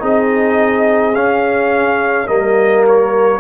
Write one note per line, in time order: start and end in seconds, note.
0.00 1.15 C4
0.00 1.13 D#4
0.00 2.27 G#4
0.00 1.15 D#5
1.15 2.28 C#4
1.15 2.28 F5
2.27 3.41 G3
2.27 3.41 A#3
2.27 3.40 A#4
2.27 2.84 D#5
2.88 3.41 C#5